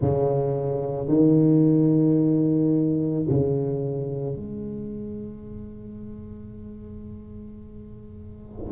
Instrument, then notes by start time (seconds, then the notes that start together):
tuba
0.00 C#3
1.08 D#3
3.29 C#3
4.36 G#3